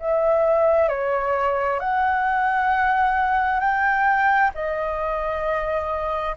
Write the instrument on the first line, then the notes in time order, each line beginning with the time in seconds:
flute
0.00 E5
0.89 C#5
1.80 F#5
3.60 G5
4.55 D#5